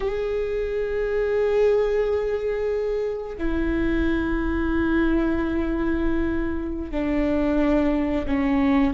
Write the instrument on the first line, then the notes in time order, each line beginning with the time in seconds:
viola
0.00 G#4
3.37 E4
6.91 D4
8.26 C#4